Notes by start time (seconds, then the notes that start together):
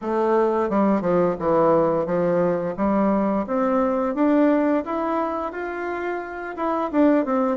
0.01 A3
0.69 G3
1.01 F3
1.39 E3
2.05 F3
2.76 G3
3.47 C4
4.14 D4
4.85 E4
5.51 F4
6.56 E4
6.91 D4
7.25 C4